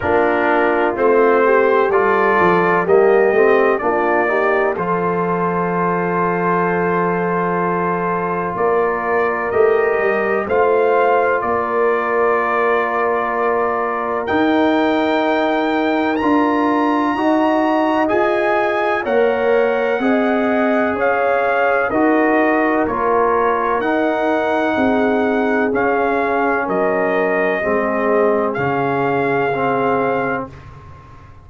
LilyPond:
<<
  \new Staff \with { instrumentName = "trumpet" } { \time 4/4 \tempo 4 = 63 ais'4 c''4 d''4 dis''4 | d''4 c''2.~ | c''4 d''4 dis''4 f''4 | d''2. g''4~ |
g''4 ais''2 gis''4 | fis''2 f''4 dis''4 | cis''4 fis''2 f''4 | dis''2 f''2 | }
  \new Staff \with { instrumentName = "horn" } { \time 4/4 f'4. g'8 a'4 g'4 | f'8 g'8 a'2.~ | a'4 ais'2 c''4 | ais'1~ |
ais'2 dis''2 | cis''4 dis''4 cis''4 ais'4~ | ais'2 gis'2 | ais'4 gis'2. | }
  \new Staff \with { instrumentName = "trombone" } { \time 4/4 d'4 c'4 f'4 ais8 c'8 | d'8 dis'8 f'2.~ | f'2 g'4 f'4~ | f'2. dis'4~ |
dis'4 f'4 fis'4 gis'4 | ais'4 gis'2 fis'4 | f'4 dis'2 cis'4~ | cis'4 c'4 cis'4 c'4 | }
  \new Staff \with { instrumentName = "tuba" } { \time 4/4 ais4 a4 g8 f8 g8 a8 | ais4 f2.~ | f4 ais4 a8 g8 a4 | ais2. dis'4~ |
dis'4 d'4 dis'4 f'4 | ais4 c'4 cis'4 dis'4 | ais4 dis'4 c'4 cis'4 | fis4 gis4 cis2 | }
>>